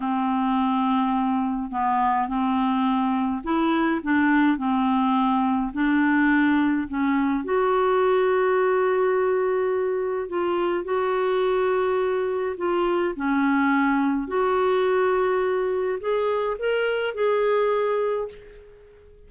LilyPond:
\new Staff \with { instrumentName = "clarinet" } { \time 4/4 \tempo 4 = 105 c'2. b4 | c'2 e'4 d'4 | c'2 d'2 | cis'4 fis'2.~ |
fis'2 f'4 fis'4~ | fis'2 f'4 cis'4~ | cis'4 fis'2. | gis'4 ais'4 gis'2 | }